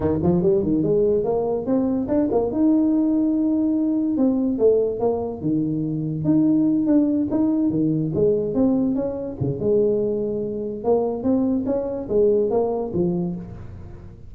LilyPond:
\new Staff \with { instrumentName = "tuba" } { \time 4/4 \tempo 4 = 144 dis8 f8 g8 dis8 gis4 ais4 | c'4 d'8 ais8 dis'2~ | dis'2 c'4 a4 | ais4 dis2 dis'4~ |
dis'8 d'4 dis'4 dis4 gis8~ | gis8 c'4 cis'4 cis8 gis4~ | gis2 ais4 c'4 | cis'4 gis4 ais4 f4 | }